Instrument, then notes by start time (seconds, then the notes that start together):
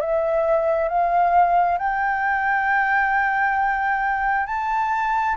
flute
0.00 E5
0.88 F5
1.78 G5
4.46 A5